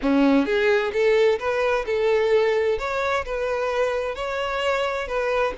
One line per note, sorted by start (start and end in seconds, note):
0.01 0.45 C#4
0.45 0.91 G#4
0.92 1.38 A4
1.39 1.85 B4
1.86 2.78 A4
2.78 3.24 C#5
3.25 4.15 B4
4.15 5.07 C#5
5.07 5.53 B4